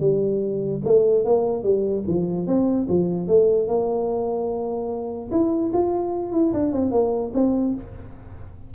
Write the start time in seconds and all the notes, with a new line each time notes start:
0.00 G3
0.84 A3
1.25 A#3
1.63 G3
2.07 F3
2.47 C4
2.89 F3
3.27 A3
3.68 A#3
5.31 E4
5.73 F4
6.32 E4
6.53 D4
6.72 C4
6.91 A#3
7.34 C4